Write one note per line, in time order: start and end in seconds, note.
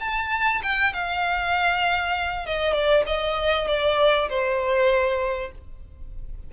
0.00 0.61 A5
0.63 0.93 G5
0.93 2.46 F5
2.46 2.73 D#5
2.73 3.03 D5
3.06 3.67 D#5
3.67 4.29 D5
4.29 5.51 C5